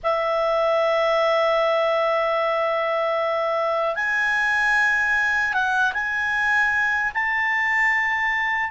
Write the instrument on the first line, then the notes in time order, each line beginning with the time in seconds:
clarinet
0.03 E5
3.95 G#5
5.53 F#5
5.93 G#5
7.14 A5